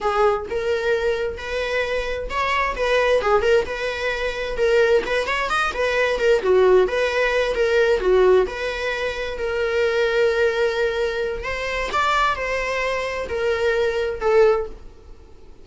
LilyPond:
\new Staff \with { instrumentName = "viola" } { \time 4/4 \tempo 4 = 131 gis'4 ais'2 b'4~ | b'4 cis''4 b'4 gis'8 ais'8 | b'2 ais'4 b'8 cis''8 | dis''8 b'4 ais'8 fis'4 b'4~ |
b'8 ais'4 fis'4 b'4.~ | b'8 ais'2.~ ais'8~ | ais'4 c''4 d''4 c''4~ | c''4 ais'2 a'4 | }